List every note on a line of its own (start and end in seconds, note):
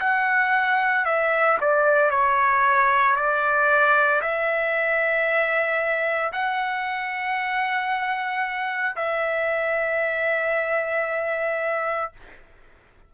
0.00 1.05 F#5
1.05 1.58 E5
1.60 2.11 D5
2.11 3.16 C#5
3.16 4.21 D5
4.21 6.32 E5
6.32 8.95 F#5
8.96 12.11 E5